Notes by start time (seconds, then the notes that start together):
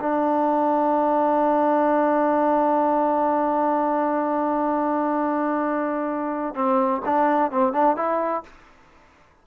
0.00 D4
6.55 C4
7.05 D4
7.51 C4
7.73 D4
7.97 E4